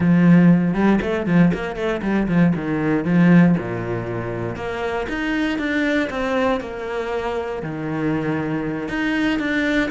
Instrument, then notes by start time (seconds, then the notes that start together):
cello
0.00 F3
0.73 G3
1.01 A3
1.26 F3
1.53 A#3
1.75 A3
2.02 G3
2.28 F3
2.55 D#3
3.04 F3
3.57 A#2
4.55 A#3
5.08 D#4
5.58 D4
6.09 C4
6.60 A#3
7.62 D#3
8.88 D#4
9.39 D4